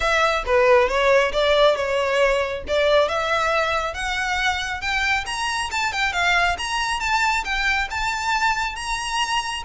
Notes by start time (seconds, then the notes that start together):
0.00 E5
0.45 B4
0.88 C#5
1.32 D5
1.76 C#5
2.67 D5
3.08 E5
3.94 F#5
4.81 G5
5.26 A#5
5.71 A5
5.92 G5
6.13 F5
6.58 A#5
7.00 A5
7.44 G5
7.90 A5
8.75 A#5